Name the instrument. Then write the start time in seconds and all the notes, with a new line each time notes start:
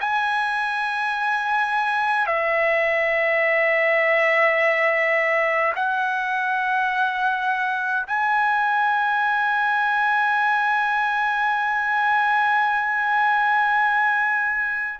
trumpet
0.00 G#5
2.27 E5
5.75 F#5
8.07 G#5